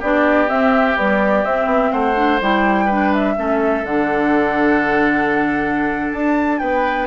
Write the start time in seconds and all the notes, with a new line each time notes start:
0.00 B3 D4 G4 D5
0.48 C4 E5
0.96 G3 B3 D5
1.45 C4 E5
1.66 B3
1.92 A3 C5 F#5
2.16 D4
2.41 G3 E4 G5
2.85 D4 B4
3.14 E5
3.37 A3 C#4 A4
3.84 D3 D4 F#5
6.13 D4 A5
6.59 B3 B4 G5